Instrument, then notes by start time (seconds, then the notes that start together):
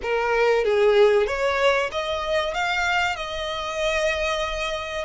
violin
0.02 A#4
0.64 G#4
1.26 C#5
1.91 D#5
2.54 F5
3.16 D#5